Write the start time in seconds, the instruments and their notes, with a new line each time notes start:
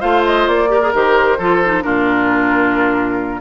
0.00 bassoon A3, clarinet F4, oboe C5, flute F5
0.25 flute D#5
0.47 bassoon A#3, flute D5
0.68 clarinet G4, oboe A#4
0.81 clarinet G#4
0.93 bassoon D#3, clarinet G4, flute C5
1.38 bassoon F3, clarinet F4, oboe A4
1.65 clarinet D#4
1.82 bassoon A#2, clarinet D4, oboe F4, flute A#4